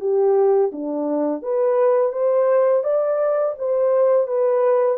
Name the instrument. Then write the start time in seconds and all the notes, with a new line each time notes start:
horn
0.00 G4
0.72 D4
1.43 B4
2.13 C5
2.84 D5
3.59 C5
4.27 B4